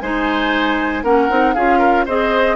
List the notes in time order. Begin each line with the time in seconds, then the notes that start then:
0.00 G#3 D#4 C5 G#5
1.04 A#3 C#4 A#4 F#5
1.30 C4 D#4
1.54 C#4 F4 G#4 F5
1.79 A#4
2.06 C4 G#4 C5 D#5